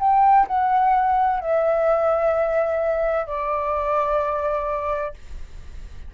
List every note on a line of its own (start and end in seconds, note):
0.00 0.47 G5
0.48 1.41 F#5
1.41 3.27 E5
3.27 5.14 D5